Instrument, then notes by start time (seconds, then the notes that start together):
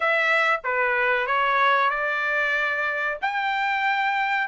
trumpet
0.00 E5
0.64 B4
1.26 C#5
1.90 D5
3.21 G5